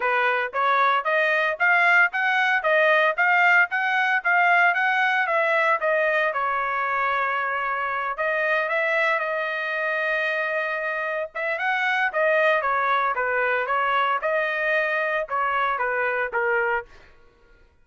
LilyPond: \new Staff \with { instrumentName = "trumpet" } { \time 4/4 \tempo 4 = 114 b'4 cis''4 dis''4 f''4 | fis''4 dis''4 f''4 fis''4 | f''4 fis''4 e''4 dis''4 | cis''2.~ cis''8 dis''8~ |
dis''8 e''4 dis''2~ dis''8~ | dis''4. e''8 fis''4 dis''4 | cis''4 b'4 cis''4 dis''4~ | dis''4 cis''4 b'4 ais'4 | }